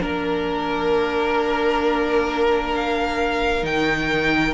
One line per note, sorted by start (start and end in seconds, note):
0.00 3.63 A#3
0.00 3.62 D4
0.00 4.54 A#4
0.00 2.75 A#4
2.76 3.66 F5
3.62 4.54 D#3
3.62 4.53 D#4
3.62 4.54 G5